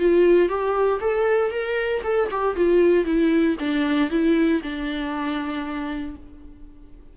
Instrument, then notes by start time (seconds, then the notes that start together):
viola
0.00 F4
0.49 G4
1.01 A4
1.52 A#4
2.04 A4
2.31 G4
2.56 F4
3.06 E4
3.60 D4
4.11 E4
4.63 D4